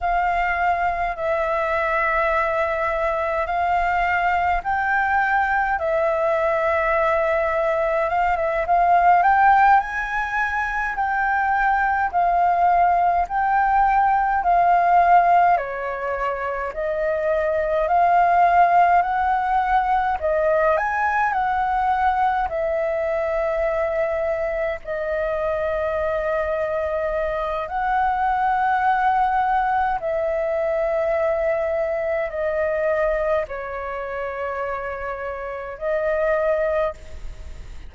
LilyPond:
\new Staff \with { instrumentName = "flute" } { \time 4/4 \tempo 4 = 52 f''4 e''2 f''4 | g''4 e''2 f''16 e''16 f''8 | g''8 gis''4 g''4 f''4 g''8~ | g''8 f''4 cis''4 dis''4 f''8~ |
f''8 fis''4 dis''8 gis''8 fis''4 e''8~ | e''4. dis''2~ dis''8 | fis''2 e''2 | dis''4 cis''2 dis''4 | }